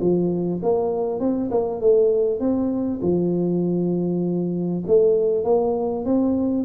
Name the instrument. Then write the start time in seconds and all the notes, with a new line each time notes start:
tuba
0.00 F3
0.62 A#3
1.19 C4
1.51 A#3
1.80 A3
2.39 C4
3.01 F3
4.87 A3
5.44 A#3
6.05 C4